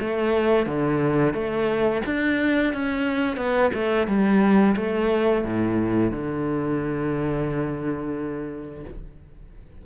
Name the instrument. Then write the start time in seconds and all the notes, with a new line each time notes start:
cello
0.00 A3
0.66 D3
1.34 A3
2.06 D4
2.74 C#4
3.37 B3
3.74 A3
4.08 G3
4.76 A3
5.45 A2
6.11 D3